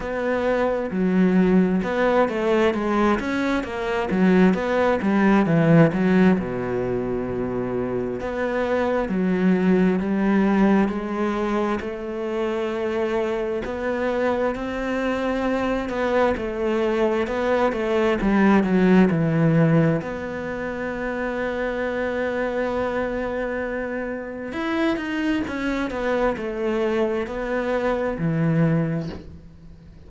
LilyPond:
\new Staff \with { instrumentName = "cello" } { \time 4/4 \tempo 4 = 66 b4 fis4 b8 a8 gis8 cis'8 | ais8 fis8 b8 g8 e8 fis8 b,4~ | b,4 b4 fis4 g4 | gis4 a2 b4 |
c'4. b8 a4 b8 a8 | g8 fis8 e4 b2~ | b2. e'8 dis'8 | cis'8 b8 a4 b4 e4 | }